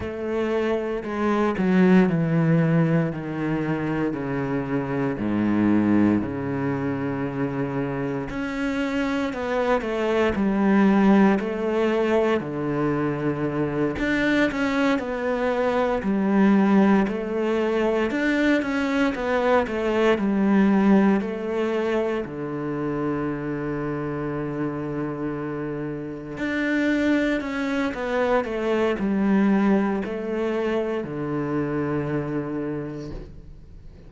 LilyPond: \new Staff \with { instrumentName = "cello" } { \time 4/4 \tempo 4 = 58 a4 gis8 fis8 e4 dis4 | cis4 gis,4 cis2 | cis'4 b8 a8 g4 a4 | d4. d'8 cis'8 b4 g8~ |
g8 a4 d'8 cis'8 b8 a8 g8~ | g8 a4 d2~ d8~ | d4. d'4 cis'8 b8 a8 | g4 a4 d2 | }